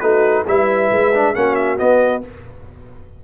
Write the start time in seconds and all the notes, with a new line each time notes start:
0.00 A3 D#4 F#4 B4
0.48 G3 E4 B4 E5
0.92 G#3
1.14 D4
1.35 A#3 C#4 F#4 F#5
1.55 E5
1.77 B3 D#5